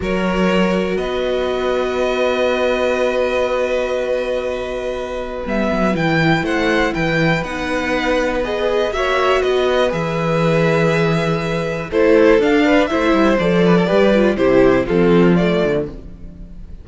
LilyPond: <<
  \new Staff \with { instrumentName = "violin" } { \time 4/4 \tempo 4 = 121 cis''2 dis''2~ | dis''1~ | dis''2. e''4 | g''4 fis''4 g''4 fis''4~ |
fis''4 dis''4 e''4 dis''4 | e''1 | c''4 f''4 e''4 d''4~ | d''4 c''4 a'4 d''4 | }
  \new Staff \with { instrumentName = "violin" } { \time 4/4 ais'2 b'2~ | b'1~ | b'1~ | b'4 c''4 b'2~ |
b'2 cis''4 b'4~ | b'1 | a'4. b'8 c''4. b'16 a'16 | b'4 g'4 f'2 | }
  \new Staff \with { instrumentName = "viola" } { \time 4/4 fis'1~ | fis'1~ | fis'2. b4 | e'2. dis'4~ |
dis'4 gis'4 fis'2 | gis'1 | e'4 d'4 e'4 a'4 | g'8 f'8 e'4 c'4 a4 | }
  \new Staff \with { instrumentName = "cello" } { \time 4/4 fis2 b2~ | b1~ | b2. g8 fis8 | e4 a4 e4 b4~ |
b2 ais4 b4 | e1 | a4 d'4 a8 g8 f4 | g4 c4 f4. d8 | }
>>